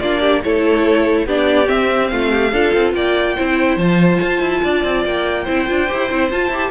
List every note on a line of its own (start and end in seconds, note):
0.00 0.44 A#3
0.00 0.44 D4
0.00 0.21 F4
0.00 0.42 D5
0.21 0.42 G4
0.43 1.27 A3
0.43 1.28 E4
0.43 1.26 A4
0.43 1.27 C#5
1.26 1.69 B3
1.26 1.65 D4
1.26 2.10 G4
1.26 1.69 D5
1.65 2.49 C4
1.65 2.12 C4
1.65 2.08 E5
2.08 2.53 A3
2.08 2.31 F4
2.08 2.91 F5
2.31 2.52 G4
2.52 2.74 D4
2.52 3.38 F4
2.52 2.94 A4
2.74 2.94 C4
2.94 3.36 A#3
2.94 3.35 D5
2.94 3.78 G5
3.35 3.77 C4
3.35 3.79 E4
3.35 4.61 C5
3.77 4.19 F3
3.77 5.47 F4
3.77 5.04 A5
4.22 4.41 F4
4.41 4.62 E4
4.64 4.84 D4
4.64 5.44 D5
4.84 5.05 C4
5.05 5.47 A#3
5.05 6.31 G5
5.44 5.69 C4
5.44 5.67 E4
5.44 6.70 C5
5.67 5.91 D4
5.67 5.88 F4
5.88 6.11 E4
5.88 6.09 G4
6.11 6.32 C4
6.11 6.31 E4
6.31 6.52 F4
6.31 6.49 F4
6.31 6.71 A5
6.49 6.70 E4
6.49 6.71 G4